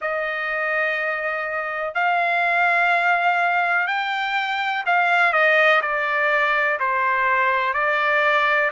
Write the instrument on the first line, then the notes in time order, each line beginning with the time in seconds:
trumpet
0.01 D#5
1.94 F5
3.87 G5
4.86 F5
5.32 D#5
5.81 D5
6.79 C5
7.73 D5